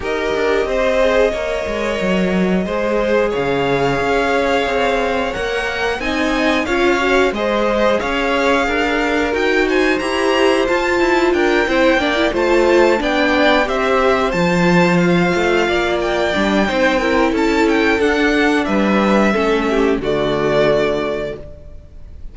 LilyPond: <<
  \new Staff \with { instrumentName = "violin" } { \time 4/4 \tempo 4 = 90 dis''1~ | dis''4 f''2. | fis''4 gis''4 f''4 dis''4 | f''2 g''8 gis''8 ais''4 |
a''4 g''4. a''4 g''8~ | g''8 e''4 a''4 f''4. | g''2 a''8 g''8 fis''4 | e''2 d''2 | }
  \new Staff \with { instrumentName = "violin" } { \time 4/4 ais'4 c''4 cis''2 | c''4 cis''2.~ | cis''4 dis''4 cis''4 c''4 | cis''4 ais'4. c''4.~ |
c''4 ais'8 c''8 d''8 c''4 d''8~ | d''8 c''2. d''8~ | d''4 c''8 ais'8 a'2 | b'4 a'8 g'8 fis'2 | }
  \new Staff \with { instrumentName = "viola" } { \time 4/4 g'4. gis'8 ais'2 | gis'1 | ais'4 dis'4 f'8 fis'8 gis'4~ | gis'2 fis'4 g'4 |
f'4. e'8 d'16 e'16 f'4 d'8~ | d'8 g'4 f'2~ f'8~ | f'8 d'8 dis'8 e'4. d'4~ | d'4 cis'4 a2 | }
  \new Staff \with { instrumentName = "cello" } { \time 4/4 dis'8 d'8 c'4 ais8 gis8 fis4 | gis4 cis4 cis'4 c'4 | ais4 c'4 cis'4 gis4 | cis'4 d'4 dis'4 e'4 |
f'8 e'8 d'8 c'8 ais8 a4 b8~ | b8 c'4 f4. a8 ais8~ | ais8 g8 c'4 cis'4 d'4 | g4 a4 d2 | }
>>